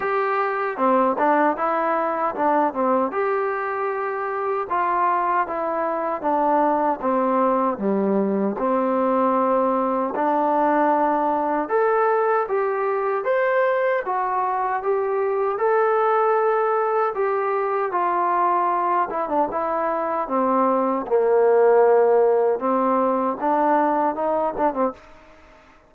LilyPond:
\new Staff \with { instrumentName = "trombone" } { \time 4/4 \tempo 4 = 77 g'4 c'8 d'8 e'4 d'8 c'8 | g'2 f'4 e'4 | d'4 c'4 g4 c'4~ | c'4 d'2 a'4 |
g'4 c''4 fis'4 g'4 | a'2 g'4 f'4~ | f'8 e'16 d'16 e'4 c'4 ais4~ | ais4 c'4 d'4 dis'8 d'16 c'16 | }